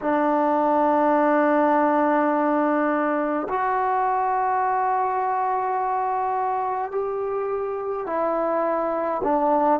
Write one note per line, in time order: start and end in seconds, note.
0.01 3.47 D4
3.49 6.91 F#4
6.91 8.06 G4
8.06 9.22 E4
9.23 9.80 D4